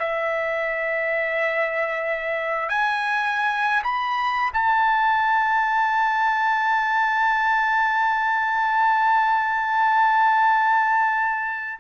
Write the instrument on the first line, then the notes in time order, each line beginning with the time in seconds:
trumpet
0.00 E5
2.69 G#5
3.84 B5
4.54 A5